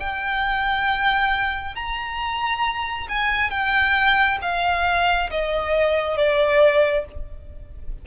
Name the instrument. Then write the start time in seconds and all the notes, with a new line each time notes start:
violin
0.00 G5
1.76 A#5
3.09 G#5
3.51 G5
4.42 F5
5.31 D#5
6.18 D5